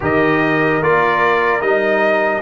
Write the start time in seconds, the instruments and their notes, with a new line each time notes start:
0.00 tuba D#3, trombone G4, horn A#4, trumpet D#5
0.80 tuba A#3, trombone F4, trumpet D5
1.61 tuba G3, trombone D#4, trumpet D#5